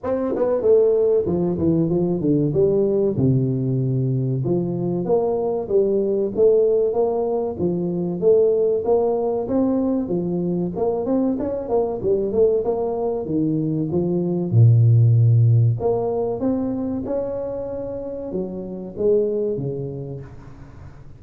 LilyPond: \new Staff \with { instrumentName = "tuba" } { \time 4/4 \tempo 4 = 95 c'8 b8 a4 f8 e8 f8 d8 | g4 c2 f4 | ais4 g4 a4 ais4 | f4 a4 ais4 c'4 |
f4 ais8 c'8 cis'8 ais8 g8 a8 | ais4 dis4 f4 ais,4~ | ais,4 ais4 c'4 cis'4~ | cis'4 fis4 gis4 cis4 | }